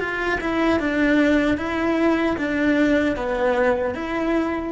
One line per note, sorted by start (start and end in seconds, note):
0.00 0.39 F4
0.41 0.80 E4
0.80 1.58 D4
1.58 2.37 E4
2.38 3.17 D4
3.17 3.95 B3
3.95 4.73 E4